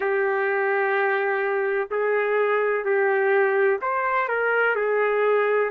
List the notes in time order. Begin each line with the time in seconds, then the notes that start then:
0.00 G4
1.90 G#4
2.84 G4
3.81 C5
4.28 A#4
4.75 G#4